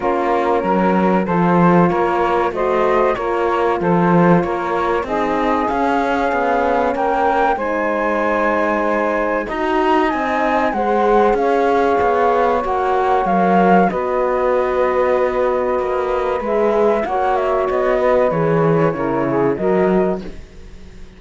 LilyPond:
<<
  \new Staff \with { instrumentName = "flute" } { \time 4/4 \tempo 4 = 95 ais'2 c''4 cis''4 | dis''4 cis''4 c''4 cis''4 | dis''4 f''2 g''4 | gis''2. ais''4 |
gis''4 fis''4 f''2 | fis''4 f''4 dis''2~ | dis''2 e''4 fis''8 e''8 | dis''4 cis''2 dis''4 | }
  \new Staff \with { instrumentName = "saxophone" } { \time 4/4 f'4 ais'4 a'4 ais'4 | c''4 ais'4 a'4 ais'4 | gis'2. ais'4 | c''2. dis''4~ |
dis''4 c''4 cis''2~ | cis''2 b'2~ | b'2. cis''4~ | cis''8 b'4. ais'8 gis'8 ais'4 | }
  \new Staff \with { instrumentName = "horn" } { \time 4/4 cis'2 f'2 | fis'4 f'2. | dis'4 cis'2. | dis'2. fis'4 |
dis'4 gis'2. | fis'4 ais'4 fis'2~ | fis'2 gis'4 fis'4~ | fis'4 gis'4 e'4 fis'4 | }
  \new Staff \with { instrumentName = "cello" } { \time 4/4 ais4 fis4 f4 ais4 | a4 ais4 f4 ais4 | c'4 cis'4 b4 ais4 | gis2. dis'4 |
c'4 gis4 cis'4 b4 | ais4 fis4 b2~ | b4 ais4 gis4 ais4 | b4 e4 cis4 fis4 | }
>>